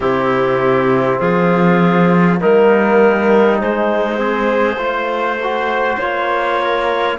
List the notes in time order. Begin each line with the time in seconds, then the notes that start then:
0.00 C3 C4 E4 G4
1.19 F3 F4 G#4
2.39 G3 A#3 D#4 A#4
3.60 G#3 C5
4.15 C4 G#4
4.76 A3 F4 C5
5.42 F#4
5.98 A#3 F4 C#5
6.62 A#4